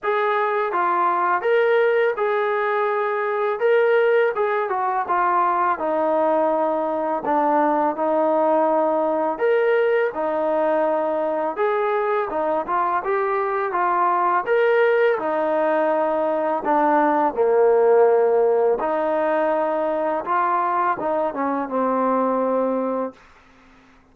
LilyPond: \new Staff \with { instrumentName = "trombone" } { \time 4/4 \tempo 4 = 83 gis'4 f'4 ais'4 gis'4~ | gis'4 ais'4 gis'8 fis'8 f'4 | dis'2 d'4 dis'4~ | dis'4 ais'4 dis'2 |
gis'4 dis'8 f'8 g'4 f'4 | ais'4 dis'2 d'4 | ais2 dis'2 | f'4 dis'8 cis'8 c'2 | }